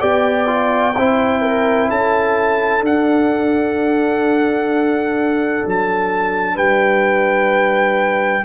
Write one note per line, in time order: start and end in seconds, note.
0.00 0.96 B3
0.00 0.46 G4
0.00 0.94 D5
0.00 1.89 G5
0.46 0.93 F4
0.96 1.88 C4
0.96 2.81 E4
0.96 1.41 C5
1.41 1.88 A#4
1.88 2.81 C#4
1.88 6.54 A4
1.88 2.84 A5
2.81 5.62 D4
2.81 8.44 D4
2.81 5.67 F#5
5.67 6.56 F#3
5.67 6.57 A5
6.54 8.44 G3
6.54 8.42 B4
6.54 8.45 G5